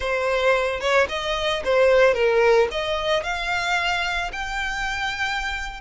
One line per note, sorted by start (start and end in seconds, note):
0.00 0.80 C5
0.80 1.07 C#5
1.08 1.62 D#5
1.64 2.14 C5
2.14 2.68 A#4
2.71 3.23 D#5
3.23 4.31 F5
4.32 5.80 G5